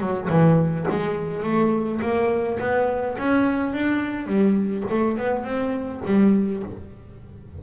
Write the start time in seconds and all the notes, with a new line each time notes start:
0.00 F#3
0.29 E3
0.90 G#3
1.43 A3
2.02 A#3
2.60 B3
3.19 C#4
3.73 D4
4.27 G3
4.90 A3
5.18 B3
5.44 C4
6.06 G3